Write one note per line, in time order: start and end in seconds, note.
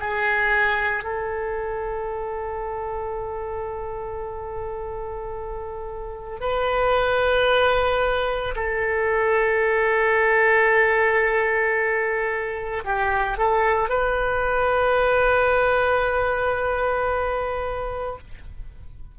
0.00 1.04 G#4
1.04 6.39 A4
6.40 8.55 B4
8.56 12.84 A4
12.84 13.37 G4
13.37 13.89 A4
13.89 18.18 B4